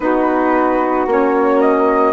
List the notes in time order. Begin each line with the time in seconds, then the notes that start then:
0.00 B3 D#4 F#4 B4
1.06 A#3 C#4 C#5
1.60 D#5